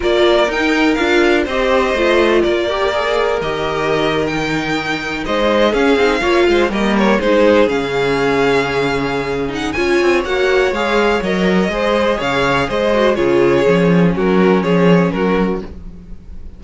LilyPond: <<
  \new Staff \with { instrumentName = "violin" } { \time 4/4 \tempo 4 = 123 d''4 g''4 f''4 dis''4~ | dis''4 d''2 dis''4~ | dis''8. g''2 dis''4 f''16~ | f''4.~ f''16 dis''8 cis''8 c''4 f''16~ |
f''2.~ f''8 fis''8 | gis''4 fis''4 f''4 dis''4~ | dis''4 f''4 dis''4 cis''4~ | cis''4 ais'4 cis''4 ais'4 | }
  \new Staff \with { instrumentName = "violin" } { \time 4/4 ais'2. c''4~ | c''4 ais'2.~ | ais'2~ ais'8. c''4 gis'16~ | gis'8. cis''8 c''8 ais'4 gis'4~ gis'16~ |
gis'1 | cis''1 | c''4 cis''4 c''4 gis'4~ | gis'4 fis'4 gis'4 fis'4 | }
  \new Staff \with { instrumentName = "viola" } { \time 4/4 f'4 dis'4 f'4 g'4 | f'4. g'8 gis'4 g'4~ | g'8. dis'2. cis'16~ | cis'16 dis'8 f'4 ais4 dis'4 cis'16~ |
cis'2.~ cis'8 dis'8 | f'4 fis'4 gis'4 ais'4 | gis'2~ gis'8 fis'8 f'4 | cis'1 | }
  \new Staff \with { instrumentName = "cello" } { \time 4/4 ais4 dis'4 d'4 c'4 | a4 ais2 dis4~ | dis2~ dis8. gis4 cis'16~ | cis'16 c'8 ais8 gis8 g4 gis4 cis16~ |
cis1 | cis'8 c'8 ais4 gis4 fis4 | gis4 cis4 gis4 cis4 | f4 fis4 f4 fis4 | }
>>